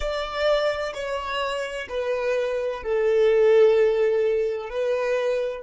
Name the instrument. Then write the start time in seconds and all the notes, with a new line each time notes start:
violin
0.00 D5
0.94 C#5
1.89 B4
2.83 A4
4.69 B4